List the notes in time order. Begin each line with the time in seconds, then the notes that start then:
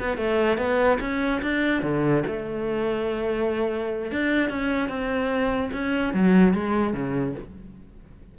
0.00 B3
0.18 A3
0.58 B3
1.01 C#4
1.42 D4
1.83 D3
2.27 A3
4.12 D4
4.50 C#4
4.89 C4
5.73 C#4
6.14 F#3
6.54 G#3
6.94 C#3